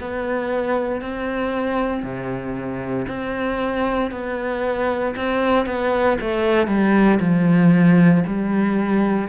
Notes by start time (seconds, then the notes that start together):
0.00 B3
1.01 C4
2.03 C3
3.08 C4
4.11 B3
5.16 C4
5.66 B3
6.21 A3
6.67 G3
7.20 F3
8.27 G3